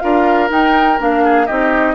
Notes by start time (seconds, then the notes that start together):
0.00 D4 F4 A#4 F5
0.49 D#4 G5
0.98 A#3 D4 F5
1.24 G#4
1.47 C4 D#4 G4 D#5